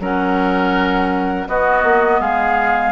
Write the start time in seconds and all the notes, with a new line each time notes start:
0.00 F#3 C#4 A#4 F#5
1.48 B3 F#4 D#5
1.84 A#3
2.21 G#3 G#4 F5